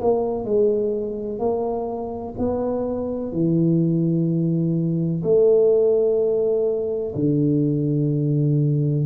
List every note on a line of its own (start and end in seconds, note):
0.00 0.45 A#3
0.45 1.39 G#3
1.39 2.34 A#3
2.38 3.32 B3
3.32 5.23 E3
5.23 7.14 A3
7.15 9.05 D3